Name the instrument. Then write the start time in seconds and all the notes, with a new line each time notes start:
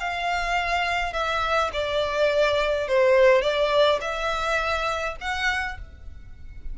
violin
0.00 F5
1.13 E5
1.73 D5
2.88 C5
3.42 D5
4.01 E5
5.21 F#5